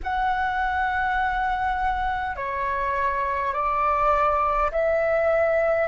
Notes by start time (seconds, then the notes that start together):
0.03 F#5
2.36 C#5
3.53 D5
4.71 E5